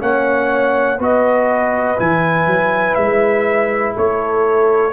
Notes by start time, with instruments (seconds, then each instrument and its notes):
0.00 tuba A#3, trombone C#4, horn C#5, trumpet F#5
0.99 tuba B3, trombone F#4, horn B4, trumpet D#5
1.97 tuba E3, trombone E4, trumpet G#5
2.47 tuba F#3
2.95 tuba G#3, trumpet E5
3.96 tuba A3, horn A4, trumpet C#5